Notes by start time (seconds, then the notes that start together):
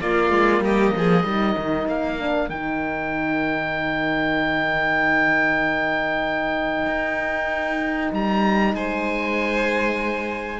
0.00 A#3 F4 D5
0.30 G#3
0.60 G3 G4 D#5
0.96 F3 G#4
1.24 G3 D#4 A#4
1.58 D#3
1.87 A#3 F5
2.19 D4
2.49 D#3 D#4 G5
6.86 D#4
8.12 G3 A#5
8.74 G#3 C5 G#5